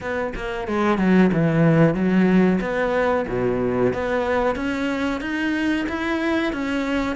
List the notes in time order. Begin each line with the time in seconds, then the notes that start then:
0.00 B3
0.35 A#3
0.67 G#3
0.98 F#3
1.32 E3
1.94 F#3
2.61 B3
3.28 B2
3.93 B3
4.55 C#4
5.21 D#4
5.88 E4
6.52 C#4